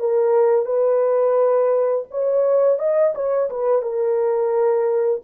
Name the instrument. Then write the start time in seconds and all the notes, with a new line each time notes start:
horn
0.00 A#4
0.66 B4
2.11 C#5
2.79 D#5
3.15 C#5
3.50 B4
3.82 A#4